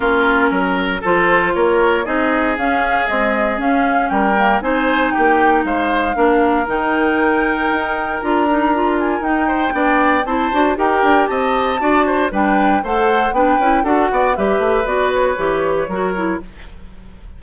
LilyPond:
<<
  \new Staff \with { instrumentName = "flute" } { \time 4/4 \tempo 4 = 117 ais'2 c''4 cis''4 | dis''4 f''4 dis''4 f''4 | g''4 gis''4 g''4 f''4~ | f''4 g''2. |
ais''4. gis''8 g''2 | a''4 g''4 a''2 | g''4 fis''4 g''4 fis''4 | e''4 d''8 cis''2~ cis''8 | }
  \new Staff \with { instrumentName = "oboe" } { \time 4/4 f'4 ais'4 a'4 ais'4 | gis'1 | ais'4 c''4 g'4 c''4 | ais'1~ |
ais'2~ ais'8 c''8 d''4 | c''4 ais'4 dis''4 d''8 c''8 | b'4 c''4 b'4 a'8 d''8 | b'2. ais'4 | }
  \new Staff \with { instrumentName = "clarinet" } { \time 4/4 cis'2 f'2 | dis'4 cis'4 gis4 cis'4~ | cis'8 ais8 dis'2. | d'4 dis'2. |
f'8 dis'8 f'4 dis'4 d'4 | e'8 fis'8 g'2 fis'4 | d'4 a'4 d'8 e'8 fis'4 | g'4 fis'4 g'4 fis'8 e'8 | }
  \new Staff \with { instrumentName = "bassoon" } { \time 4/4 ais4 fis4 f4 ais4 | c'4 cis'4 c'4 cis'4 | g4 c'4 ais4 gis4 | ais4 dis2 dis'4 |
d'2 dis'4 b4 | c'8 d'8 dis'8 d'8 c'4 d'4 | g4 a4 b8 cis'8 d'8 b8 | g8 a8 b4 e4 fis4 | }
>>